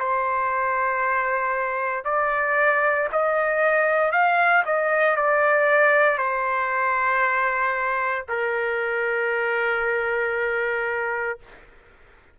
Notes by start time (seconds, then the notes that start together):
0.00 C5
2.05 D5
3.12 D#5
4.12 F5
4.66 D#5
5.16 D5
6.18 C5
8.29 A#4